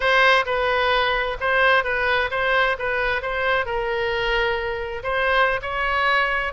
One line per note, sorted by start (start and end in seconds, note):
0.00 0.45 C5
0.45 1.37 B4
1.40 1.84 C5
1.84 2.29 B4
2.30 2.76 C5
2.78 3.22 B4
3.22 3.65 C5
3.65 5.03 A#4
5.03 5.60 C5
5.61 6.53 C#5